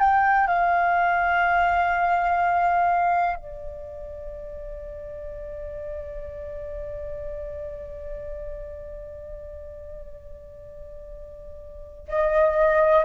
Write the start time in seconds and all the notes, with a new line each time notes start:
0.00 G5
0.47 F5
3.37 D5
12.08 D#5